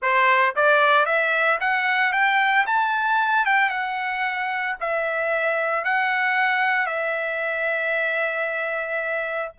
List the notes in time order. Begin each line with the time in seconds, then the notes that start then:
0.01 C5
0.55 D5
1.05 E5
1.60 F#5
2.12 G5
2.66 A5
3.45 G5
3.69 F#5
4.80 E5
5.84 F#5
6.86 E5